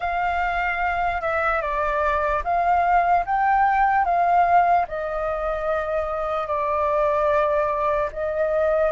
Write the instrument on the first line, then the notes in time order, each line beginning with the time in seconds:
flute
0.00 F5
1.21 E5
1.61 D5
2.43 F5
3.25 G5
4.05 F5
4.88 D#5
6.47 D5
8.12 D#5